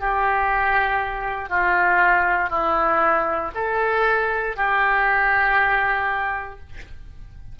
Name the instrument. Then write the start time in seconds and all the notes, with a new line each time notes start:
oboe
0.00 G4
1.49 F4
2.50 E4
3.55 A4
4.56 G4